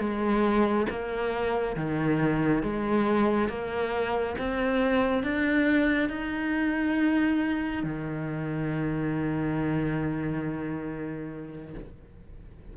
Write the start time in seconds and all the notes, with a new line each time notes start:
0.00 G#3
0.90 A#3
1.77 D#3
2.63 G#3
3.49 A#3
4.39 C4
5.24 D4
6.10 D#4
7.84 D#3